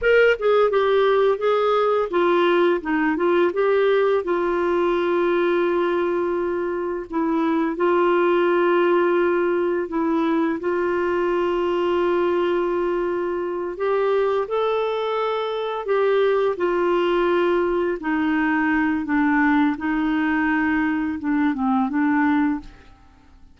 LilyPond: \new Staff \with { instrumentName = "clarinet" } { \time 4/4 \tempo 4 = 85 ais'8 gis'8 g'4 gis'4 f'4 | dis'8 f'8 g'4 f'2~ | f'2 e'4 f'4~ | f'2 e'4 f'4~ |
f'2.~ f'8 g'8~ | g'8 a'2 g'4 f'8~ | f'4. dis'4. d'4 | dis'2 d'8 c'8 d'4 | }